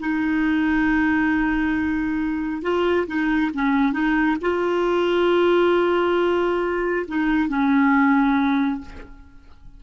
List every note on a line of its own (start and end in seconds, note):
0.00 2.62 D#4
2.62 3.06 F4
3.07 3.51 D#4
3.54 3.93 C#4
3.93 4.37 D#4
4.42 7.06 F4
7.08 7.49 D#4
7.49 8.81 C#4